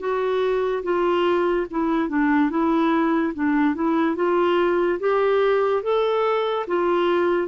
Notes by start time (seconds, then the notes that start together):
0.00 F#4
0.84 F4
1.71 E4
2.09 D4
2.50 E4
3.34 D4
3.75 E4
4.16 F4
5.00 G4
5.83 A4
6.67 F4